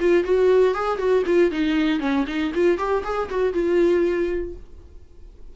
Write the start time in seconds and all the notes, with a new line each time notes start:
0.00 F4
0.24 F#4
0.74 G#4
0.98 F#4
1.26 F4
1.51 D#4
2.00 C#4
2.27 D#4
2.54 F4
2.78 G4
3.04 G#4
3.30 F#4
3.53 F4